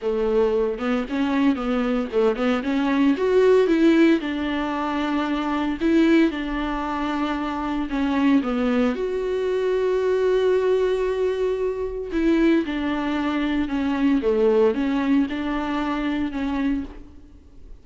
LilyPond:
\new Staff \with { instrumentName = "viola" } { \time 4/4 \tempo 4 = 114 a4. b8 cis'4 b4 | a8 b8 cis'4 fis'4 e'4 | d'2. e'4 | d'2. cis'4 |
b4 fis'2.~ | fis'2. e'4 | d'2 cis'4 a4 | cis'4 d'2 cis'4 | }